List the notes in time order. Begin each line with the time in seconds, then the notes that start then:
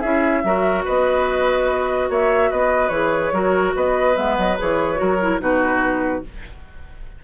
0.00 C#4 E4 G#4 E5
0.44 F#3 F#4 A#4
0.85 B3 B4 D#5
2.09 A#3 C#5 E5
2.51 B3 B4 D#5
2.89 E3 G#4 C#5
3.32 F#3 F#4 A#4
3.75 B3 B4 D#5
4.15 G#3 B3 E5
4.38 F#3 D#5
4.58 E3 G#4 C#5
4.96 F#3 F#4 A#4
5.21 E4
5.39 B2 D#4 F#4 B4